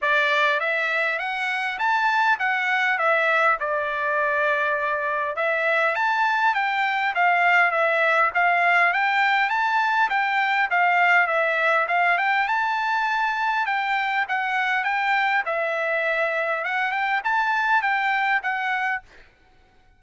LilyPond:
\new Staff \with { instrumentName = "trumpet" } { \time 4/4 \tempo 4 = 101 d''4 e''4 fis''4 a''4 | fis''4 e''4 d''2~ | d''4 e''4 a''4 g''4 | f''4 e''4 f''4 g''4 |
a''4 g''4 f''4 e''4 | f''8 g''8 a''2 g''4 | fis''4 g''4 e''2 | fis''8 g''8 a''4 g''4 fis''4 | }